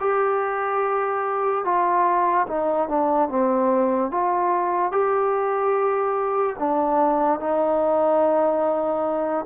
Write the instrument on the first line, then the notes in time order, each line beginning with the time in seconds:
trombone
0.00 G4
1.64 F4
2.47 D#4
2.88 D4
3.29 C4
4.11 F4
4.91 G4
6.59 D4
7.39 D#4